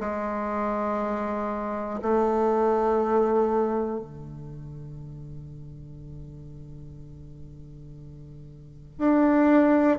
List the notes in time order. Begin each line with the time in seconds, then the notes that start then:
0.00 G#3
2.02 A3
4.00 D3
8.99 D4